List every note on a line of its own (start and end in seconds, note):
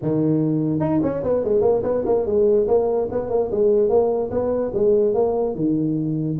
0.02 0.80 D#3
0.80 1.00 D#4
1.02 1.23 C#4
1.23 1.43 B3
1.43 1.61 G#3
1.61 1.81 A#3
1.83 2.03 B3
2.05 2.26 A#3
2.26 2.67 G#3
2.67 3.08 A#3
3.11 3.29 B3
3.29 3.50 A#3
3.51 3.89 G#3
3.89 4.30 A#3
4.30 4.71 B3
4.74 5.14 G#3
5.14 5.55 A#3
5.55 6.37 D#3